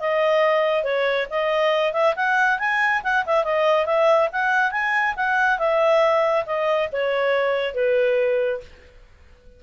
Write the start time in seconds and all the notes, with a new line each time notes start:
0.00 D#5
0.84 C#5
1.30 D#5
1.93 E5
2.16 F#5
2.59 G#5
3.04 F#5
3.26 E5
3.44 D#5
3.86 E5
4.32 F#5
4.72 G#5
5.16 F#5
5.59 E5
6.46 D#5
6.92 C#5
7.75 B4